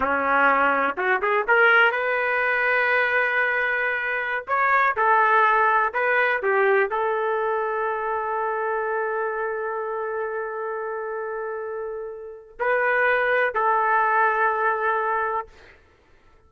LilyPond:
\new Staff \with { instrumentName = "trumpet" } { \time 4/4 \tempo 4 = 124 cis'2 fis'8 gis'8 ais'4 | b'1~ | b'4~ b'16 cis''4 a'4.~ a'16~ | a'16 b'4 g'4 a'4.~ a'16~ |
a'1~ | a'1~ | a'2 b'2 | a'1 | }